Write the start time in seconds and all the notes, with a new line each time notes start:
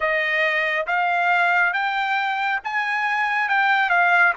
0.00 D#5
0.87 F5
1.73 G5
2.64 G#5
3.49 G5
3.89 F5